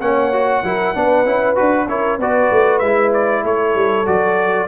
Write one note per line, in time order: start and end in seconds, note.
0.00 0.62 A#3
0.00 0.32 C#4
0.00 0.62 C#5
0.00 1.57 F#5
0.32 0.64 F#4
0.63 0.95 F#3
0.63 0.95 E4
0.63 0.94 A#4
0.94 1.25 B3
0.94 1.25 D4
0.94 1.88 B4
1.25 1.57 C#4
1.25 1.55 E4
1.55 1.87 D4
1.55 1.86 F#4
1.55 1.88 B4
1.87 2.18 C#4
1.87 2.20 E4
1.87 2.19 A#4
1.87 2.20 C#5
2.18 2.50 B3
2.18 2.83 F#4
2.18 3.44 B4
2.18 2.79 D5
2.51 2.81 A3
2.79 3.44 G#3
2.79 4.05 E4
2.79 3.10 E5
3.14 3.45 D5
3.44 3.75 A3
3.44 4.68 A4
3.44 4.06 C#5
3.75 4.06 G3
4.05 4.68 F#3
4.05 4.68 F#4
4.05 4.68 D5